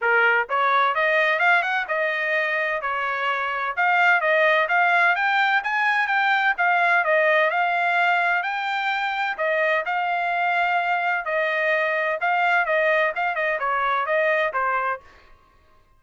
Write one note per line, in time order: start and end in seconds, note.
0.01 0.48 A#4
0.49 0.94 C#5
0.94 1.39 D#5
1.39 1.62 F5
1.62 1.85 F#5
1.88 2.81 D#5
2.81 3.75 C#5
3.76 4.20 F5
4.20 4.67 D#5
4.68 5.15 F5
5.15 5.62 G5
5.63 6.07 G#5
6.07 6.53 G5
6.57 7.04 F5
7.04 7.50 D#5
7.50 8.43 F5
8.43 9.36 G5
9.37 9.84 D#5
9.85 11.25 F5
11.25 12.19 D#5
12.20 12.65 F5
12.65 13.12 D#5
13.15 13.35 F5
13.35 13.58 D#5
13.59 14.06 C#5
14.06 14.52 D#5
14.53 15.00 C5